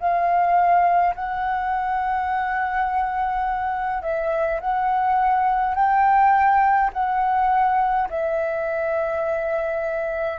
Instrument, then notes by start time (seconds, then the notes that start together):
flute
0.00 F5
1.16 F#5
4.03 E5
4.61 F#5
5.75 G5
6.94 F#5
8.10 E5